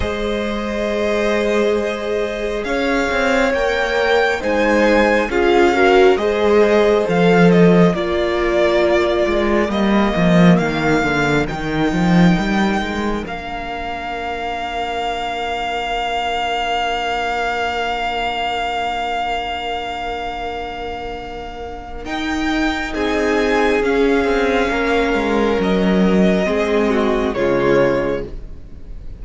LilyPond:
<<
  \new Staff \with { instrumentName = "violin" } { \time 4/4 \tempo 4 = 68 dis''2. f''4 | g''4 gis''4 f''4 dis''4 | f''8 dis''8 d''2 dis''4 | f''4 g''2 f''4~ |
f''1~ | f''1~ | f''4 g''4 gis''4 f''4~ | f''4 dis''2 cis''4 | }
  \new Staff \with { instrumentName = "violin" } { \time 4/4 c''2. cis''4~ | cis''4 c''4 gis'8 ais'8 c''4~ | c''4 ais'2.~ | ais'1~ |
ais'1~ | ais'1~ | ais'2 gis'2 | ais'2 gis'8 fis'8 f'4 | }
  \new Staff \with { instrumentName = "viola" } { \time 4/4 gis'1 | ais'4 dis'4 f'8 fis'8 gis'4 | a'4 f'2 ais4~ | ais4 dis'2 d'4~ |
d'1~ | d'1~ | d'4 dis'2 cis'4~ | cis'2 c'4 gis4 | }
  \new Staff \with { instrumentName = "cello" } { \time 4/4 gis2. cis'8 c'8 | ais4 gis4 cis'4 gis4 | f4 ais4. gis8 g8 f8 | dis8 d8 dis8 f8 g8 gis8 ais4~ |
ais1~ | ais1~ | ais4 dis'4 c'4 cis'8 c'8 | ais8 gis8 fis4 gis4 cis4 | }
>>